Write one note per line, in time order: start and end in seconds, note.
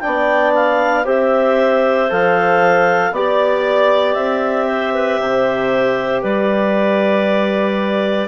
0.00 1.06 B3
0.00 1.05 D4
0.00 1.04 D5
0.00 0.52 G5
0.55 1.06 F5
1.04 2.09 C4
1.04 2.08 G4
1.04 3.11 C5
1.04 2.11 E5
2.09 3.12 F3
2.09 3.12 A4
2.09 3.14 F5
3.12 4.15 B3
3.12 8.28 G4
3.12 4.66 D5
3.12 4.13 D5
4.13 5.19 C4
4.13 6.20 E5
4.66 4.92 C5
4.94 5.19 B4
5.19 6.23 C3
5.19 6.22 C5
6.22 8.28 G3
6.22 8.28 B4
6.22 8.28 D5